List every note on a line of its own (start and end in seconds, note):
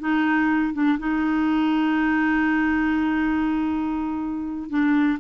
0.00 0.73 D#4
0.73 0.98 D4
0.99 4.69 D#4
4.69 5.19 D4